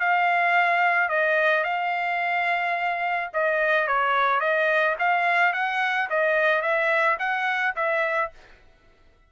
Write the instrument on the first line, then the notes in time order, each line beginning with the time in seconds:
trumpet
0.00 F5
1.09 D#5
1.64 F5
3.34 D#5
3.88 C#5
4.41 D#5
4.99 F5
5.54 F#5
6.10 D#5
6.62 E5
7.19 F#5
7.76 E5